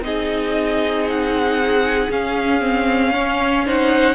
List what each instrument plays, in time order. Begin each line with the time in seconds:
0.00 cello C4, viola D#4, violin G#4 D#5
1.09 violin F#5
2.09 cello C#4, viola C#4, violin F5
2.60 viola C4
3.13 viola C#4, violin C#5
3.66 viola D#4, violin C5 F#5